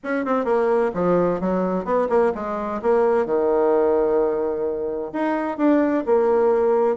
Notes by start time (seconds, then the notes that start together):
0.03 C#4
0.25 C4
0.44 A#3
0.94 F3
1.40 F#3
1.85 B3
2.09 A#3
2.34 G#3
2.81 A#3
3.25 D#3
5.12 D#4
5.57 D4
6.06 A#3